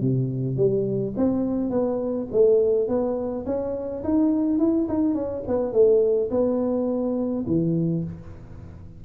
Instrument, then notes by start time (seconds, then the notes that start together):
tuba
0.00 C3
0.56 G3
1.16 C4
1.70 B3
2.31 A3
2.88 B3
3.45 C#4
4.03 D#4
4.58 E4
4.88 D#4
5.14 C#4
5.47 B3
5.72 A3
6.30 B3
7.46 E3